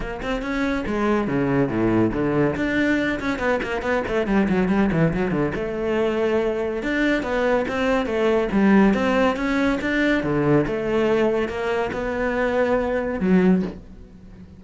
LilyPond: \new Staff \with { instrumentName = "cello" } { \time 4/4 \tempo 4 = 141 ais8 c'8 cis'4 gis4 cis4 | a,4 d4 d'4. cis'8 | b8 ais8 b8 a8 g8 fis8 g8 e8 | fis8 d8 a2. |
d'4 b4 c'4 a4 | g4 c'4 cis'4 d'4 | d4 a2 ais4 | b2. fis4 | }